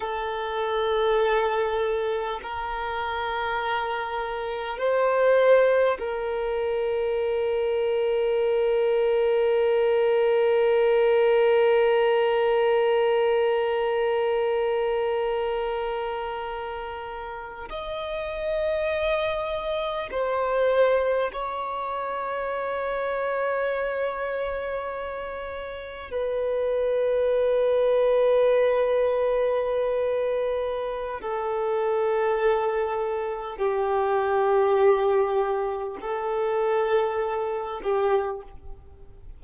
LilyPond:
\new Staff \with { instrumentName = "violin" } { \time 4/4 \tempo 4 = 50 a'2 ais'2 | c''4 ais'2.~ | ais'1~ | ais'2~ ais'8. dis''4~ dis''16~ |
dis''8. c''4 cis''2~ cis''16~ | cis''4.~ cis''16 b'2~ b'16~ | b'2 a'2 | g'2 a'4. g'8 | }